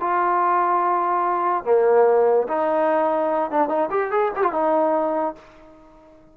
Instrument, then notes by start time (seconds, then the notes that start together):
trombone
0.00 F4
1.64 A#3
2.48 D#4
3.51 D4
3.68 D#4
3.90 G4
4.11 G#4
4.36 G4
4.43 F4
4.52 D#4